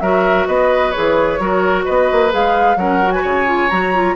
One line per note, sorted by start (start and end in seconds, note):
0.00 0.47 F#3
0.00 0.93 F#4
0.00 0.47 A#4
0.00 0.46 E5
0.47 0.94 B3
0.47 1.40 B4
0.47 0.91 D#5
0.91 1.40 G#4
0.91 1.83 C#5
0.97 1.39 E3
1.39 1.85 F#3
1.39 2.30 F#4
1.39 1.85 A#4
1.85 2.12 B3
1.85 2.77 B4
1.85 2.32 D#5
2.12 2.33 A#3
2.30 2.76 G#3
2.30 2.76 G#4
2.30 2.77 F5
2.76 3.22 F#3
2.76 3.03 C#4
2.76 3.13 A#4
2.76 3.11 F#5
3.03 3.46 F#4
3.11 3.22 B4
3.11 3.69 G#5
3.22 3.70 C#3
3.22 4.14 C#5
3.46 3.69 F4
3.69 4.15 F#3
3.69 3.94 F#4
3.69 4.15 A#5
3.94 4.15 F4